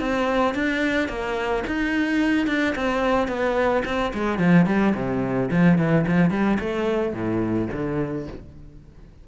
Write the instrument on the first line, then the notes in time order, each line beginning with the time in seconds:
cello
0.00 C4
0.55 D4
1.09 A#3
1.67 D#4
2.47 D4
2.75 C4
3.28 B3
3.85 C4
4.14 G#3
4.39 F3
4.66 G3
4.95 C3
5.51 F3
5.78 E3
6.07 F3
6.30 G3
6.60 A3
7.14 A2
7.73 D3